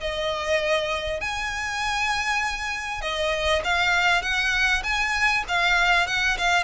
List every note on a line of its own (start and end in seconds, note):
0.00 1.20 D#5
1.20 3.01 G#5
3.01 3.62 D#5
3.64 4.22 F5
4.22 4.82 F#5
4.83 5.44 G#5
5.48 6.07 F5
6.07 6.37 F#5
6.37 6.63 F5